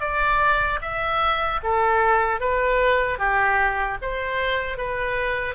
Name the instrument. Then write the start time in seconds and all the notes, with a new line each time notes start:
oboe
0.00 D5
0.81 E5
1.63 A4
2.40 B4
3.18 G4
4.02 C5
4.77 B4